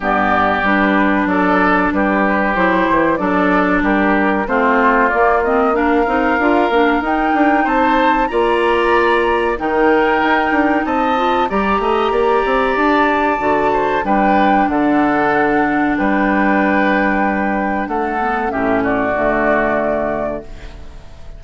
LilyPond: <<
  \new Staff \with { instrumentName = "flute" } { \time 4/4 \tempo 4 = 94 d''4 b'4 d''4 b'4 | c''4 d''4 ais'4 c''4 | d''8 dis''8 f''2 g''4 | a''4 ais''2 g''4~ |
g''4 a''4 ais''2 | a''2 g''4 fis''4~ | fis''4 g''2. | fis''4 e''8 d''2~ d''8 | }
  \new Staff \with { instrumentName = "oboe" } { \time 4/4 g'2 a'4 g'4~ | g'4 a'4 g'4 f'4~ | f'4 ais'2. | c''4 d''2 ais'4~ |
ais'4 dis''4 d''8 dis''8 d''4~ | d''4. c''8 b'4 a'4~ | a'4 b'2. | a'4 g'8 fis'2~ fis'8 | }
  \new Staff \with { instrumentName = "clarinet" } { \time 4/4 b4 d'2. | e'4 d'2 c'4 | ais8 c'8 d'8 dis'8 f'8 d'8 dis'4~ | dis'4 f'2 dis'4~ |
dis'4. f'8 g'2~ | g'4 fis'4 d'2~ | d'1~ | d'8 b8 cis'4 a2 | }
  \new Staff \with { instrumentName = "bassoon" } { \time 4/4 g,4 g4 fis4 g4 | fis8 e8 fis4 g4 a4 | ais4. c'8 d'8 ais8 dis'8 d'8 | c'4 ais2 dis4 |
dis'8 d'8 c'4 g8 a8 ais8 c'8 | d'4 d4 g4 d4~ | d4 g2. | a4 a,4 d2 | }
>>